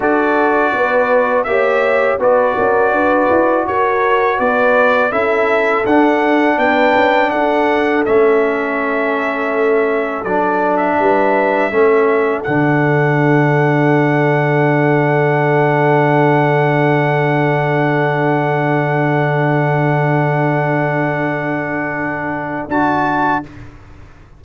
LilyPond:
<<
  \new Staff \with { instrumentName = "trumpet" } { \time 4/4 \tempo 4 = 82 d''2 e''4 d''4~ | d''4 cis''4 d''4 e''4 | fis''4 g''4 fis''4 e''4~ | e''2 d''8. e''4~ e''16~ |
e''4 fis''2.~ | fis''1~ | fis''1~ | fis''2. a''4 | }
  \new Staff \with { instrumentName = "horn" } { \time 4/4 a'4 b'4 cis''4 b'8 ais'8 | b'4 ais'4 b'4 a'4~ | a'4 b'4 a'2~ | a'2. b'4 |
a'1~ | a'1~ | a'1~ | a'1 | }
  \new Staff \with { instrumentName = "trombone" } { \time 4/4 fis'2 g'4 fis'4~ | fis'2. e'4 | d'2. cis'4~ | cis'2 d'2 |
cis'4 d'2.~ | d'1~ | d'1~ | d'2. fis'4 | }
  \new Staff \with { instrumentName = "tuba" } { \time 4/4 d'4 b4 ais4 b8 cis'8 | d'8 e'8 fis'4 b4 cis'4 | d'4 b8 cis'8 d'4 a4~ | a2 fis4 g4 |
a4 d2.~ | d1~ | d1~ | d2. d'4 | }
>>